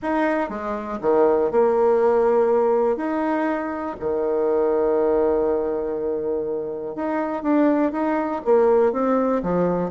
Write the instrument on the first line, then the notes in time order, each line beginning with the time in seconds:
bassoon
0.02 D#4
0.49 G#3
1.01 D#3
1.51 A#3
2.96 D#4
3.99 D#3
6.95 D#4
7.42 D4
7.91 D#4
8.44 A#3
8.92 C4
9.42 F3